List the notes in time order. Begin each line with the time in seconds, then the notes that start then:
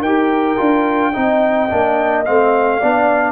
0.00 D#4 G4 A#4 G5
0.57 D4 F4
1.13 C4 D#4 D#5
1.70 A#3 D4
2.25 A3 C4 F5
2.80 B3 D4 D5